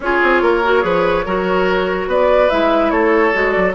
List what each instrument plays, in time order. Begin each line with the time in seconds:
0.00 bassoon C#4, clarinet F4, oboe G#4, flute C#5
0.22 bassoon C4
0.41 bassoon A#3, oboe A#4
0.63 clarinet F#4
0.81 bassoon F3, clarinet G#4, oboe B4
1.25 bassoon F#3, clarinet F#4, oboe A#4
2.07 bassoon B3, oboe B4, flute D5
2.49 bassoon G#3, clarinet E4, flute E5
2.90 bassoon A3, oboe A4, flute C#5
3.33 bassoon G#3, clarinet F#4
3.51 bassoon F#3, flute D5